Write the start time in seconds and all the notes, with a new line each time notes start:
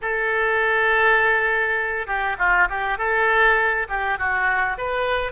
0.01 A4
2.06 G4
2.38 F4
2.69 G4
2.98 A4
3.88 G4
4.18 F#4
4.77 B4